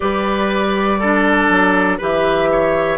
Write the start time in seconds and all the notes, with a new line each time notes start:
0.00 G3 G4 B4 D5
0.99 D4 A4
1.49 F#3
1.97 E3 G4 B4 E5
2.51 C#5